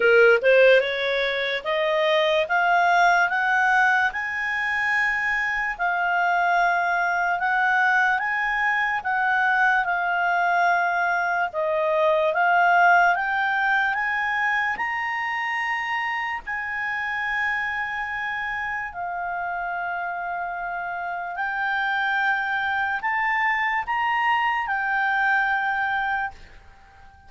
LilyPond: \new Staff \with { instrumentName = "clarinet" } { \time 4/4 \tempo 4 = 73 ais'8 c''8 cis''4 dis''4 f''4 | fis''4 gis''2 f''4~ | f''4 fis''4 gis''4 fis''4 | f''2 dis''4 f''4 |
g''4 gis''4 ais''2 | gis''2. f''4~ | f''2 g''2 | a''4 ais''4 g''2 | }